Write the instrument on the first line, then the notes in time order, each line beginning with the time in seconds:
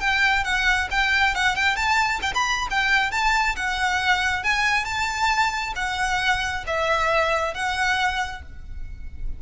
violin
0.00 G5
0.44 F#5
0.91 G5
1.35 F#5
1.55 G5
1.76 A5
2.22 G5
2.34 B5
2.70 G5
3.11 A5
3.56 F#5
4.43 G#5
4.85 A5
5.76 F#5
6.67 E5
7.54 F#5